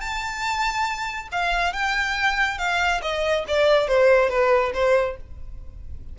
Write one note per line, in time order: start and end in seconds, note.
0.00 1.28 A5
1.31 1.73 F5
1.73 2.58 G5
2.58 3.01 F5
3.02 3.44 D#5
3.47 3.87 D5
3.87 4.29 C5
4.29 4.71 B4
4.73 5.16 C5